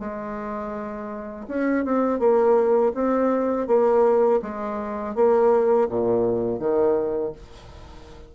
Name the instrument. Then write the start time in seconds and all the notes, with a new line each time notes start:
bassoon
0.00 G#3
1.48 C#4
1.85 C4
2.20 A#3
2.95 C4
3.67 A#3
4.42 G#3
5.15 A#3
5.89 A#2
6.59 D#3